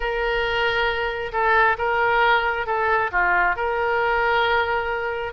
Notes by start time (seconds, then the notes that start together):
0.00 A#4
1.32 A4
1.78 A#4
2.66 A4
3.11 F4
3.56 A#4